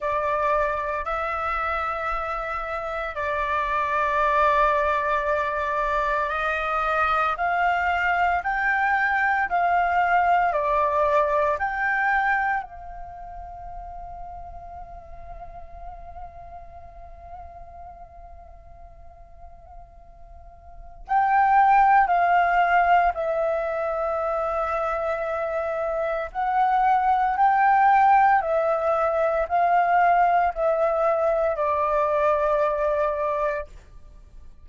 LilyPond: \new Staff \with { instrumentName = "flute" } { \time 4/4 \tempo 4 = 57 d''4 e''2 d''4~ | d''2 dis''4 f''4 | g''4 f''4 d''4 g''4 | f''1~ |
f''1 | g''4 f''4 e''2~ | e''4 fis''4 g''4 e''4 | f''4 e''4 d''2 | }